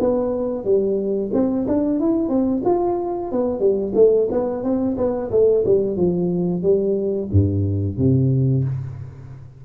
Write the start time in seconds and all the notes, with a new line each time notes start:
0.00 B3
0.65 G3
1.34 C4
1.68 D4
2.00 E4
2.29 C4
2.65 F4
3.32 B3
3.60 G3
3.95 A3
4.32 B3
4.64 C4
4.98 B3
5.32 A3
5.66 G3
5.97 F3
6.63 G3
7.32 G2
7.98 C3